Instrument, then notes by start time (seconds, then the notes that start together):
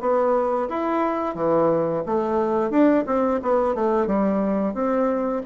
bassoon
0.00 B3
0.69 E4
1.35 E3
2.06 A3
2.70 D4
3.06 C4
3.42 B3
3.75 A3
4.07 G3
4.74 C4